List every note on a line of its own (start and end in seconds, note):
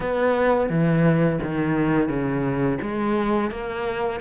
0.00 0.69 B3
0.69 1.39 E3
1.42 2.08 D#3
2.08 2.78 C#3
2.81 3.51 G#3
3.51 4.20 A#3